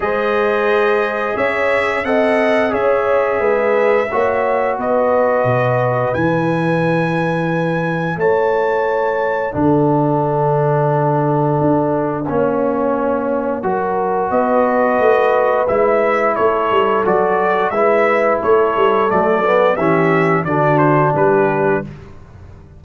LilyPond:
<<
  \new Staff \with { instrumentName = "trumpet" } { \time 4/4 \tempo 4 = 88 dis''2 e''4 fis''4 | e''2. dis''4~ | dis''4 gis''2. | a''2 fis''2~ |
fis''1~ | fis''4 dis''2 e''4 | cis''4 d''4 e''4 cis''4 | d''4 e''4 d''8 c''8 b'4 | }
  \new Staff \with { instrumentName = "horn" } { \time 4/4 c''2 cis''4 dis''4 | cis''4 b'4 cis''4 b'4~ | b'1 | cis''2 a'2~ |
a'2 cis''2 | ais'4 b'2. | a'2 b'4 a'4~ | a'4 g'4 fis'4 g'4 | }
  \new Staff \with { instrumentName = "trombone" } { \time 4/4 gis'2. a'4 | gis'2 fis'2~ | fis'4 e'2.~ | e'2 d'2~ |
d'2 cis'2 | fis'2. e'4~ | e'4 fis'4 e'2 | a8 b8 cis'4 d'2 | }
  \new Staff \with { instrumentName = "tuba" } { \time 4/4 gis2 cis'4 c'4 | cis'4 gis4 ais4 b4 | b,4 e2. | a2 d2~ |
d4 d'4 ais2 | fis4 b4 a4 gis4 | a8 g8 fis4 gis4 a8 g8 | fis4 e4 d4 g4 | }
>>